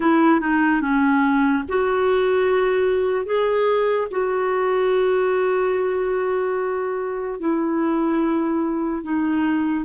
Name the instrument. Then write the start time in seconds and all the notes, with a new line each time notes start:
clarinet
0.00 E4
0.40 D#4
0.81 C#4
1.68 F#4
3.25 G#4
4.10 F#4
7.39 E4
9.03 D#4